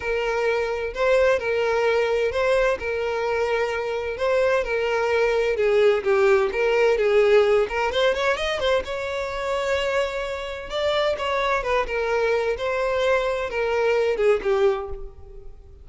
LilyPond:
\new Staff \with { instrumentName = "violin" } { \time 4/4 \tempo 4 = 129 ais'2 c''4 ais'4~ | ais'4 c''4 ais'2~ | ais'4 c''4 ais'2 | gis'4 g'4 ais'4 gis'4~ |
gis'8 ais'8 c''8 cis''8 dis''8 c''8 cis''4~ | cis''2. d''4 | cis''4 b'8 ais'4. c''4~ | c''4 ais'4. gis'8 g'4 | }